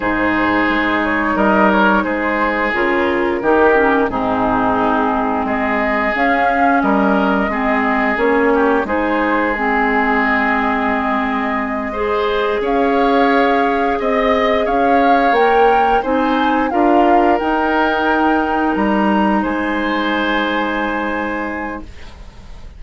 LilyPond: <<
  \new Staff \with { instrumentName = "flute" } { \time 4/4 \tempo 4 = 88 c''4. cis''8 dis''8 cis''8 c''4 | ais'2 gis'2 | dis''4 f''4 dis''2 | cis''4 c''4 gis'4 dis''4~ |
dis''2~ dis''8 f''4.~ | f''8 dis''4 f''4 g''4 gis''8~ | gis''8 f''4 g''2 ais''8~ | ais''8 gis''2.~ gis''8 | }
  \new Staff \with { instrumentName = "oboe" } { \time 4/4 gis'2 ais'4 gis'4~ | gis'4 g'4 dis'2 | gis'2 ais'4 gis'4~ | gis'8 g'8 gis'2.~ |
gis'4. c''4 cis''4.~ | cis''8 dis''4 cis''2 c''8~ | c''8 ais'2.~ ais'8~ | ais'8 c''2.~ c''8 | }
  \new Staff \with { instrumentName = "clarinet" } { \time 4/4 dis'1 | f'4 dis'8 cis'8 c'2~ | c'4 cis'2 c'4 | cis'4 dis'4 c'2~ |
c'4. gis'2~ gis'8~ | gis'2~ gis'8 ais'4 dis'8~ | dis'8 f'4 dis'2~ dis'8~ | dis'1 | }
  \new Staff \with { instrumentName = "bassoon" } { \time 4/4 gis,4 gis4 g4 gis4 | cis4 dis4 gis,2 | gis4 cis'4 g4 gis4 | ais4 gis2.~ |
gis2~ gis8 cis'4.~ | cis'8 c'4 cis'4 ais4 c'8~ | c'8 d'4 dis'2 g8~ | g8 gis2.~ gis8 | }
>>